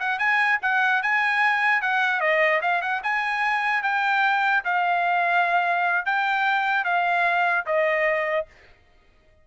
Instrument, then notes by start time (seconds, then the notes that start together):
trumpet
0.00 F#5
0.19 G#5
0.62 F#5
1.03 G#5
1.82 F#5
2.21 D#5
2.62 F5
2.82 F#5
3.03 G#5
3.83 G5
4.65 F5
6.06 G5
6.85 F5
7.66 D#5